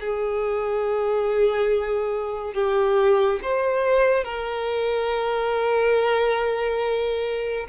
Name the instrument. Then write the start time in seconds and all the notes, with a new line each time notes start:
violin
0.00 G#4
2.54 G4
3.42 C5
4.24 A#4